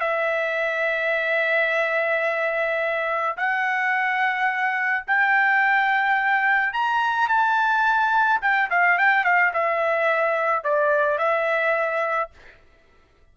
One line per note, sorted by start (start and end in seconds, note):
0.00 3.36 E5
3.37 5.05 F#5
5.07 6.73 G5
6.73 7.28 A#5
7.28 8.40 A5
8.41 8.69 G5
8.70 8.98 F5
8.98 9.24 G5
9.24 9.52 F5
9.53 10.64 E5
10.64 11.18 D5
11.18 12.30 E5